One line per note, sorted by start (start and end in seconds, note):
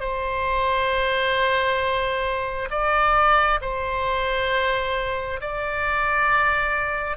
0.00 2.69 C5
2.70 3.60 D5
3.61 5.41 C5
5.41 7.17 D5